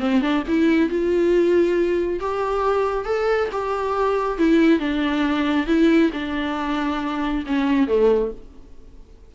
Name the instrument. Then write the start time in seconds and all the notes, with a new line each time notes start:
viola
0.00 C4
0.22 D4
0.48 E4
0.90 F4
2.20 G4
3.06 A4
3.52 G4
4.39 E4
4.80 D4
5.67 E4
6.13 D4
7.47 C#4
7.88 A3